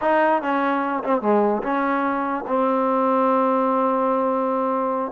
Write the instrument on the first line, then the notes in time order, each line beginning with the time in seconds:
trombone
0.01 D#4
0.42 C#4
1.03 C4
1.21 G#3
1.62 C#4
2.47 C4